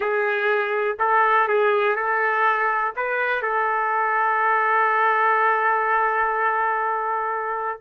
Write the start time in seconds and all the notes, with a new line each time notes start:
0.00 G#4
0.99 A4
1.48 G#4
1.95 A4
2.96 B4
3.41 A4